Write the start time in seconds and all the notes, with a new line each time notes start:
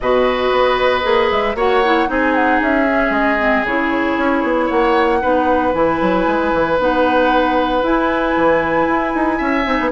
0.00 B2 F#4 B4 D#5
0.51 B3
1.02 A#3 G#4
1.30 G#3 E5
1.55 A#3 F#4 C#5 F#5
1.84 E4
2.07 C4 D#4 G#4 G#5
2.34 F#5
2.60 C#4 E5
2.87 C#4
3.10 G#3 D#5
3.38 C4
3.63 C#3 E4 C#5
4.17 C#4
4.43 B3
4.66 A#3 C#5 F#5
5.21 B3 D#4 B4
5.73 E3 E4 G#5
6.01 F#3
6.26 G#3
6.53 E3
6.78 B3 D#4 F#5
7.82 E4 G#5
8.36 E3
8.87 E4
9.14 D#4
9.37 C#4 E5
9.64 C4 D#4
9.79 B3